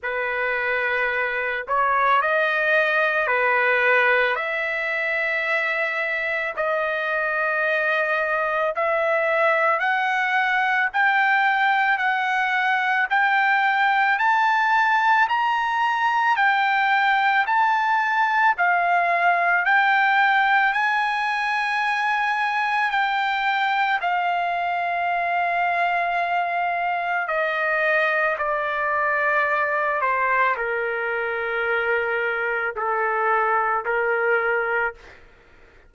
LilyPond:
\new Staff \with { instrumentName = "trumpet" } { \time 4/4 \tempo 4 = 55 b'4. cis''8 dis''4 b'4 | e''2 dis''2 | e''4 fis''4 g''4 fis''4 | g''4 a''4 ais''4 g''4 |
a''4 f''4 g''4 gis''4~ | gis''4 g''4 f''2~ | f''4 dis''4 d''4. c''8 | ais'2 a'4 ais'4 | }